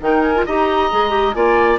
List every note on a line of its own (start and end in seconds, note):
0.00 0.45 D#3
0.00 0.34 D#4
0.00 0.45 A#4
0.00 0.21 G5
0.21 0.43 G#5
0.34 0.46 F4
0.45 0.92 D#4
0.45 0.91 G4
0.45 1.35 D#5
0.45 1.33 A#5
0.91 1.34 G#3
0.91 1.09 G#4
1.09 1.32 G4
1.33 1.79 A#3
1.33 1.79 F4
1.33 1.79 D5
1.33 1.78 G#5